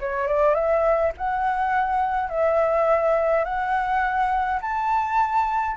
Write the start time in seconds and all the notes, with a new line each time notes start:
0.00 C#5
0.28 D5
0.55 E5
1.18 F#5
2.30 E5
3.45 F#5
4.62 A5